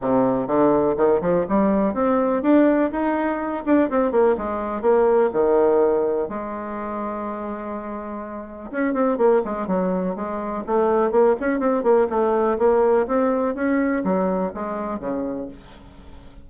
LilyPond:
\new Staff \with { instrumentName = "bassoon" } { \time 4/4 \tempo 4 = 124 c4 d4 dis8 f8 g4 | c'4 d'4 dis'4. d'8 | c'8 ais8 gis4 ais4 dis4~ | dis4 gis2.~ |
gis2 cis'8 c'8 ais8 gis8 | fis4 gis4 a4 ais8 cis'8 | c'8 ais8 a4 ais4 c'4 | cis'4 fis4 gis4 cis4 | }